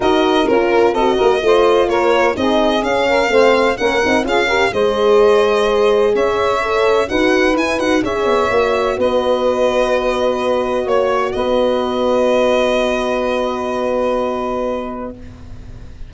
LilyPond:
<<
  \new Staff \with { instrumentName = "violin" } { \time 4/4 \tempo 4 = 127 dis''4 ais'4 dis''2 | cis''4 dis''4 f''2 | fis''4 f''4 dis''2~ | dis''4 e''2 fis''4 |
gis''8 fis''8 e''2 dis''4~ | dis''2. cis''4 | dis''1~ | dis''1 | }
  \new Staff \with { instrumentName = "saxophone" } { \time 4/4 ais'2 a'8 ais'8 c''4 | ais'4 gis'4. ais'8 c''4 | ais'4 gis'8 ais'8 c''2~ | c''4 cis''2 b'4~ |
b'4 cis''2 b'4~ | b'2. cis''4 | b'1~ | b'1 | }
  \new Staff \with { instrumentName = "horn" } { \time 4/4 fis'4 f'4 fis'4 f'4~ | f'4 dis'4 cis'4 c'4 | cis'8 dis'8 f'8 g'8 gis'2~ | gis'2 a'4 fis'4 |
e'8 fis'8 gis'4 fis'2~ | fis'1~ | fis'1~ | fis'1 | }
  \new Staff \with { instrumentName = "tuba" } { \time 4/4 dis'4 cis'4 c'8 ais8 a4 | ais4 c'4 cis'4 a4 | ais8 c'8 cis'4 gis2~ | gis4 cis'2 dis'4 |
e'8 dis'8 cis'8 b8 ais4 b4~ | b2. ais4 | b1~ | b1 | }
>>